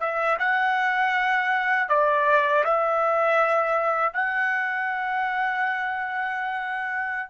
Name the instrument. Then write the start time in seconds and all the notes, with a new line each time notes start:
trumpet
0.00 E5
0.39 F#5
1.89 D5
2.64 E5
4.13 F#5